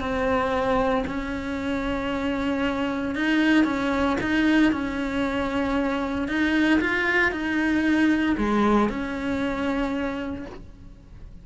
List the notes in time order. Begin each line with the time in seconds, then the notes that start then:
0.00 C4
1.07 C#4
3.15 D#4
3.65 C#4
4.20 D#4
4.72 C#4
6.28 D#4
6.80 F4
7.31 D#4
8.37 G#3
8.89 C#4